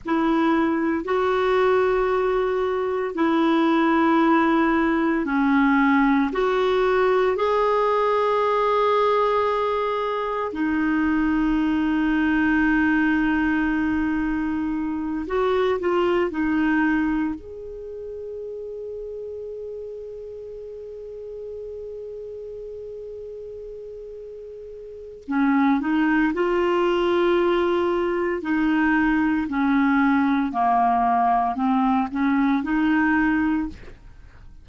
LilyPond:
\new Staff \with { instrumentName = "clarinet" } { \time 4/4 \tempo 4 = 57 e'4 fis'2 e'4~ | e'4 cis'4 fis'4 gis'4~ | gis'2 dis'2~ | dis'2~ dis'8 fis'8 f'8 dis'8~ |
dis'8 gis'2.~ gis'8~ | gis'1 | cis'8 dis'8 f'2 dis'4 | cis'4 ais4 c'8 cis'8 dis'4 | }